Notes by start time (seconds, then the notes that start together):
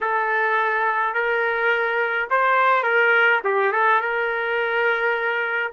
0.01 A4
1.14 A#4
2.30 C5
2.83 A#4
3.43 G4
3.72 A4
4.01 A#4